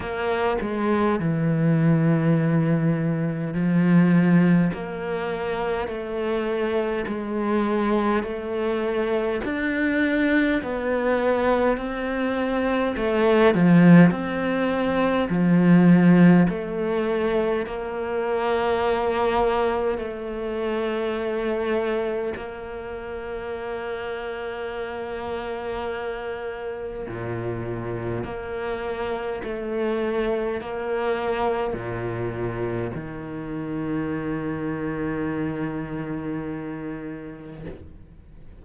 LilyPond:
\new Staff \with { instrumentName = "cello" } { \time 4/4 \tempo 4 = 51 ais8 gis8 e2 f4 | ais4 a4 gis4 a4 | d'4 b4 c'4 a8 f8 | c'4 f4 a4 ais4~ |
ais4 a2 ais4~ | ais2. ais,4 | ais4 a4 ais4 ais,4 | dis1 | }